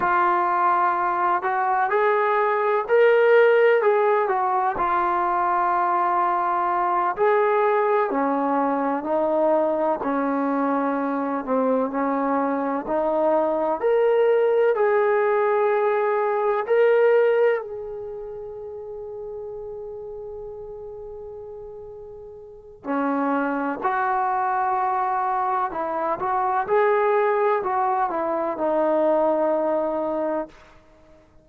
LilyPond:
\new Staff \with { instrumentName = "trombone" } { \time 4/4 \tempo 4 = 63 f'4. fis'8 gis'4 ais'4 | gis'8 fis'8 f'2~ f'8 gis'8~ | gis'8 cis'4 dis'4 cis'4. | c'8 cis'4 dis'4 ais'4 gis'8~ |
gis'4. ais'4 gis'4.~ | gis'1 | cis'4 fis'2 e'8 fis'8 | gis'4 fis'8 e'8 dis'2 | }